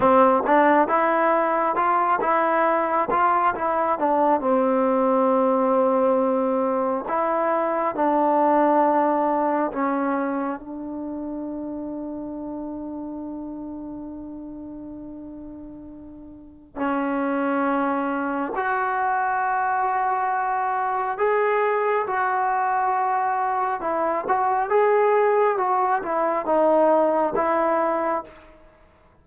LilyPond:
\new Staff \with { instrumentName = "trombone" } { \time 4/4 \tempo 4 = 68 c'8 d'8 e'4 f'8 e'4 f'8 | e'8 d'8 c'2. | e'4 d'2 cis'4 | d'1~ |
d'2. cis'4~ | cis'4 fis'2. | gis'4 fis'2 e'8 fis'8 | gis'4 fis'8 e'8 dis'4 e'4 | }